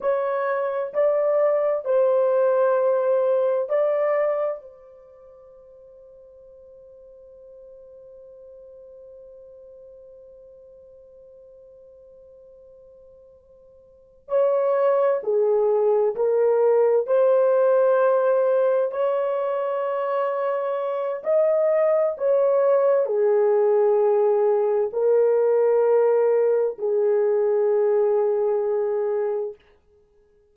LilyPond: \new Staff \with { instrumentName = "horn" } { \time 4/4 \tempo 4 = 65 cis''4 d''4 c''2 | d''4 c''2.~ | c''1~ | c''2.~ c''8 cis''8~ |
cis''8 gis'4 ais'4 c''4.~ | c''8 cis''2~ cis''8 dis''4 | cis''4 gis'2 ais'4~ | ais'4 gis'2. | }